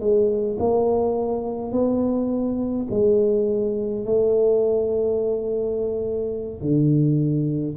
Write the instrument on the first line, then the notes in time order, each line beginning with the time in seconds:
tuba
0.00 G#3
0.59 A#3
1.72 B3
2.91 G#3
4.05 A3
6.61 D3